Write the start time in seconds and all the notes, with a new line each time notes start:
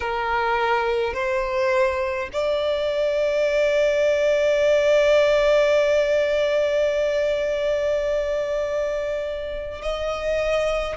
0.00 A#4
1.13 C5
2.32 D5
9.82 D#5